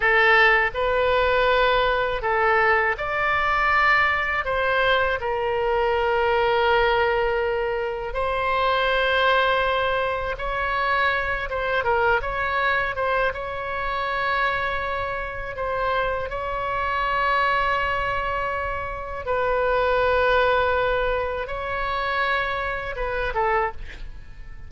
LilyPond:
\new Staff \with { instrumentName = "oboe" } { \time 4/4 \tempo 4 = 81 a'4 b'2 a'4 | d''2 c''4 ais'4~ | ais'2. c''4~ | c''2 cis''4. c''8 |
ais'8 cis''4 c''8 cis''2~ | cis''4 c''4 cis''2~ | cis''2 b'2~ | b'4 cis''2 b'8 a'8 | }